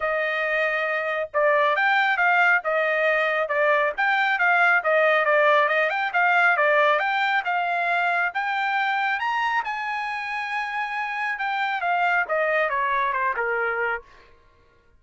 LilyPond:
\new Staff \with { instrumentName = "trumpet" } { \time 4/4 \tempo 4 = 137 dis''2. d''4 | g''4 f''4 dis''2 | d''4 g''4 f''4 dis''4 | d''4 dis''8 g''8 f''4 d''4 |
g''4 f''2 g''4~ | g''4 ais''4 gis''2~ | gis''2 g''4 f''4 | dis''4 cis''4 c''8 ais'4. | }